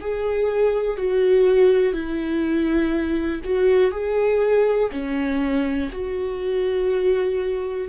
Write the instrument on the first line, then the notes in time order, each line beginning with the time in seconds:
viola
0.00 G#4
0.97 F#4
1.93 E4
3.44 F#4
3.91 G#4
4.91 C#4
5.92 F#4